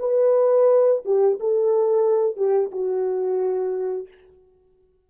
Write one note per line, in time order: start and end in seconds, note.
0.00 1.02 B4
1.05 1.39 G4
1.40 2.37 A4
2.37 2.71 G4
2.72 4.08 F#4